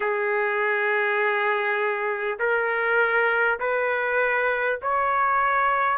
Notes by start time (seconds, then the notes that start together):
0.00 G#4
2.39 A#4
3.59 B4
4.82 C#5